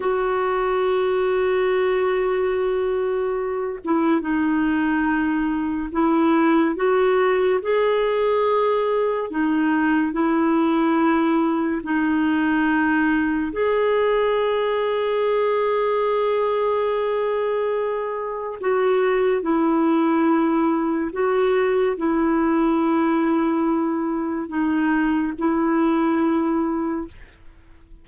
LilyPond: \new Staff \with { instrumentName = "clarinet" } { \time 4/4 \tempo 4 = 71 fis'1~ | fis'8 e'8 dis'2 e'4 | fis'4 gis'2 dis'4 | e'2 dis'2 |
gis'1~ | gis'2 fis'4 e'4~ | e'4 fis'4 e'2~ | e'4 dis'4 e'2 | }